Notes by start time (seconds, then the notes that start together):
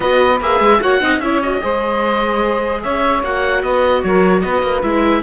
0.00 B3 F#4 B4 D#5
0.40 A#3 G#4 E5
0.60 G#3
0.80 A#3 F#4 C#5 F#5
1.00 C4 D#4 D#5
1.19 C#4 E4 C#5 E5
1.42 F#4 D#5
1.60 G#3 G#4 C5
2.82 C#4 C#5 E5
3.22 A#3 F#4 F#5
3.62 B3 B4 D#5
4.02 F#3 A#4 C#5
4.40 B3 B4 D#5
4.62 A#3
4.82 G#3 E4 E5